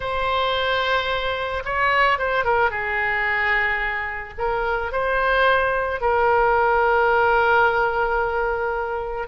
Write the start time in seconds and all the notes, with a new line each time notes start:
0.00 C5
1.64 C#5
2.18 C5
2.44 A#4
2.70 G#4
4.38 A#4
4.92 C5
6.00 A#4